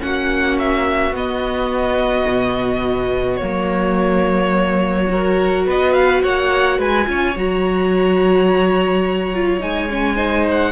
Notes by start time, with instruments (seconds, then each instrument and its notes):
0.00 cello A#3, viola C#4, violin F#4 F#5
0.59 violin E5
1.11 cello B3, viola B3, violin D#5
2.28 cello B2
3.37 cello F#3, viola A#3, violin C#5
5.08 viola F#4, violin A#4
5.67 cello B3, violin B4 D#5
5.93 violin F5
6.23 cello A#3, violin C#5 F#5
6.79 cello G#3, violin B4 G#5
7.06 cello C#4, viola F4, violin C#5
7.36 cello F#3, viola F#4, violin A#5
9.33 viola F4
9.60 cello G#3, viola D#4, violin G#5
9.90 viola C#4
10.16 viola D#4, violin C5
10.51 violin F#5